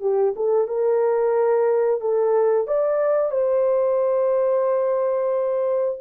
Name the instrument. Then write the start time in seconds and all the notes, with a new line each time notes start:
horn
0.00 G4
0.36 A4
0.67 A#4
2.00 A4
2.67 D5
3.31 C5